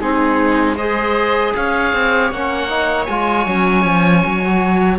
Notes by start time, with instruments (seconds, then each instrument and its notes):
0.00 cello G#3, trombone C4, viola D#4, oboe G#4
0.76 trombone G#4, viola C5, oboe D#5
1.55 cello C#4, viola C#5, oboe F5
1.93 cello C4
2.31 cello A#3, trombone C#4, oboe F#5
2.69 trombone D#4
3.06 cello G#3, trombone F4, oboe G#5
3.46 cello F#3, trombone C#4
3.85 cello F3
4.26 cello F#3
4.44 trombone F#4